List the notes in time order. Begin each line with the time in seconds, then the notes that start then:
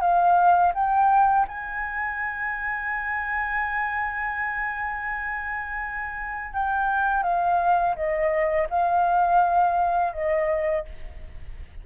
0.00 F5
0.74 G5
1.48 G#5
6.53 G5
7.23 F5
7.95 D#5
8.69 F5
10.12 D#5